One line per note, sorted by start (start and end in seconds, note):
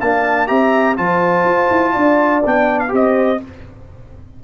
0.00 0.49 A#3
0.00 0.46 D4
0.00 0.48 F5
0.00 0.47 A5
0.46 0.98 C4
0.46 0.95 G4
0.46 0.97 E5
0.46 0.95 A#5
0.96 1.44 F3
0.96 2.42 F4
0.96 1.93 C5
0.96 2.43 A5
1.44 1.68 F4
1.70 1.95 E4
1.93 2.44 D4
1.93 2.90 D5
2.45 2.92 B3
2.45 2.88 D4
2.45 2.79 G5
2.79 2.91 F5
2.88 3.41 C4
2.88 3.37 G4
2.88 3.42 C5
2.95 3.43 D#5